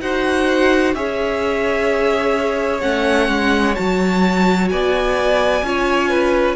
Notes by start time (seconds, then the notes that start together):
0.00 D#4 F#4 C5 F#5
0.94 C#4 G#4 C#5 E5
2.81 A3 C#4 F#5
3.29 G#3
3.74 F#3 F#4 A5
4.69 B3 D5 G#5
5.62 C#4 F4 C#5
6.09 B4